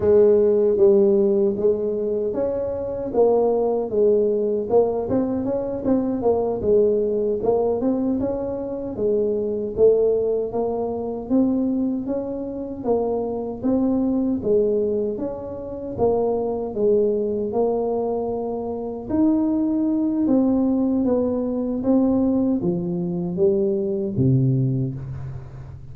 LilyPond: \new Staff \with { instrumentName = "tuba" } { \time 4/4 \tempo 4 = 77 gis4 g4 gis4 cis'4 | ais4 gis4 ais8 c'8 cis'8 c'8 | ais8 gis4 ais8 c'8 cis'4 gis8~ | gis8 a4 ais4 c'4 cis'8~ |
cis'8 ais4 c'4 gis4 cis'8~ | cis'8 ais4 gis4 ais4.~ | ais8 dis'4. c'4 b4 | c'4 f4 g4 c4 | }